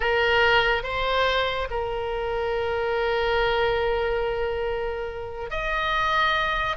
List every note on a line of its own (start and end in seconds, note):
0.00 0.83 A#4
0.83 1.67 C5
1.70 5.50 A#4
5.50 6.76 D#5